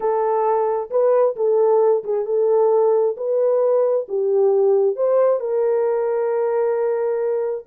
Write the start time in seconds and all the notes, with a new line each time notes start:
0.00 A4
0.90 B4
1.36 A4
2.03 G#4
2.25 A4
3.16 B4
4.08 G4
4.96 C5
5.40 A#4